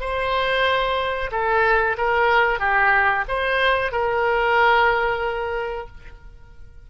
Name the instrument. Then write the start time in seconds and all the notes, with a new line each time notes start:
oboe
0.00 C5
1.31 A4
1.97 A#4
2.59 G4
3.28 C5
3.92 A#4